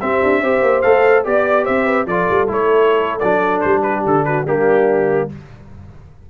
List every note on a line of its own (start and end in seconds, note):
0.00 0.22 C4
0.00 0.43 C4
0.00 0.42 G4
0.00 0.82 E5
0.22 0.41 D4
0.41 0.62 C4
0.41 0.84 G4
0.41 1.25 C5
0.62 0.83 A#3
0.82 1.26 A3
0.82 1.24 A4
0.82 1.23 F5
1.24 1.68 B3
1.24 2.07 G4
1.24 1.65 D5
1.24 1.66 D5
1.65 2.06 C4
1.65 1.85 C5
1.65 2.07 E5
1.85 2.06 B4
2.06 2.27 F3
2.06 2.48 F4
2.06 3.83 A4
2.06 2.49 D5
2.30 2.49 G3
2.48 3.22 A3
2.48 3.20 E4
2.48 3.19 C#5
3.19 3.64 F#3
3.19 4.46 D4
3.19 3.61 D5
3.61 4.05 G3
3.61 3.81 C5
3.83 4.26 G4
3.83 4.03 B4
4.05 4.45 D3
4.05 4.25 A4
4.25 4.47 F#4
4.25 4.46 B4
4.45 5.28 G3
4.45 5.29 A#3
4.45 5.30 D4
4.45 5.30 G4